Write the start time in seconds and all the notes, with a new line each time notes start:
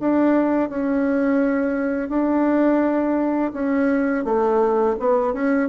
0.00 D4
0.70 C#4
2.09 D4
3.53 C#4
4.25 A3
5.00 B3
5.34 C#4